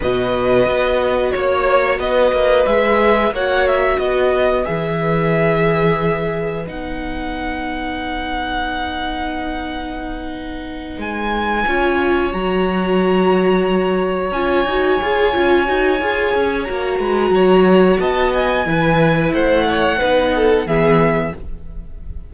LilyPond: <<
  \new Staff \with { instrumentName = "violin" } { \time 4/4 \tempo 4 = 90 dis''2 cis''4 dis''4 | e''4 fis''8 e''8 dis''4 e''4~ | e''2 fis''2~ | fis''1~ |
fis''8 gis''2 ais''4.~ | ais''4. gis''2~ gis''8~ | gis''4 ais''2 a''8 gis''8~ | gis''4 fis''2 e''4 | }
  \new Staff \with { instrumentName = "violin" } { \time 4/4 b'2 cis''4 b'4~ | b'4 cis''4 b'2~ | b'1~ | b'1~ |
b'4. cis''2~ cis''8~ | cis''1~ | cis''4. b'8 cis''4 dis''4 | b'4 c''8 cis''8 b'8 a'8 gis'4 | }
  \new Staff \with { instrumentName = "viola" } { \time 4/4 fis'1 | gis'4 fis'2 gis'4~ | gis'2 dis'2~ | dis'1~ |
dis'4. f'4 fis'4.~ | fis'4. f'8 fis'8 gis'8 f'8 fis'8 | gis'4 fis'2. | e'2 dis'4 b4 | }
  \new Staff \with { instrumentName = "cello" } { \time 4/4 b,4 b4 ais4 b8 ais8 | gis4 ais4 b4 e4~ | e2 b2~ | b1~ |
b8 gis4 cis'4 fis4.~ | fis4. cis'8 dis'8 f'8 cis'8 dis'8 | f'8 cis'8 ais8 gis8 fis4 b4 | e4 a4 b4 e4 | }
>>